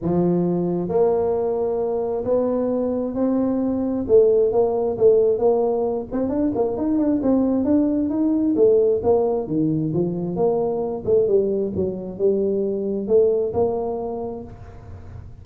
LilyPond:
\new Staff \with { instrumentName = "tuba" } { \time 4/4 \tempo 4 = 133 f2 ais2~ | ais4 b2 c'4~ | c'4 a4 ais4 a4 | ais4. c'8 d'8 ais8 dis'8 d'8 |
c'4 d'4 dis'4 a4 | ais4 dis4 f4 ais4~ | ais8 a8 g4 fis4 g4~ | g4 a4 ais2 | }